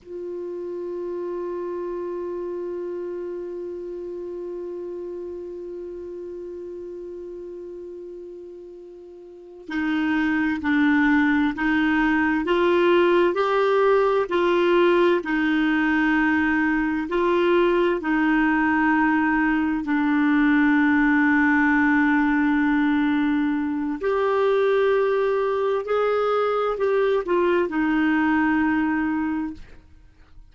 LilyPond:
\new Staff \with { instrumentName = "clarinet" } { \time 4/4 \tempo 4 = 65 f'1~ | f'1~ | f'2~ f'8 dis'4 d'8~ | d'8 dis'4 f'4 g'4 f'8~ |
f'8 dis'2 f'4 dis'8~ | dis'4. d'2~ d'8~ | d'2 g'2 | gis'4 g'8 f'8 dis'2 | }